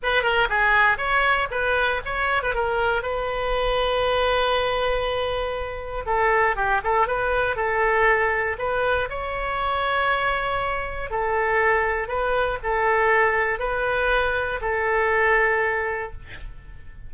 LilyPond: \new Staff \with { instrumentName = "oboe" } { \time 4/4 \tempo 4 = 119 b'8 ais'8 gis'4 cis''4 b'4 | cis''8. b'16 ais'4 b'2~ | b'1 | a'4 g'8 a'8 b'4 a'4~ |
a'4 b'4 cis''2~ | cis''2 a'2 | b'4 a'2 b'4~ | b'4 a'2. | }